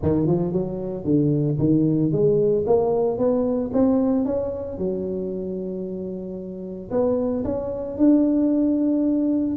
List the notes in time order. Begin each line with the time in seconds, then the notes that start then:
0.02 D#3
0.26 F3
0.52 F#3
1.04 D3
1.59 D#3
2.12 G#3
2.66 A#3
3.17 B3
3.73 C4
4.25 C#4
4.78 F#3
6.91 B3
7.44 C#4
7.97 D4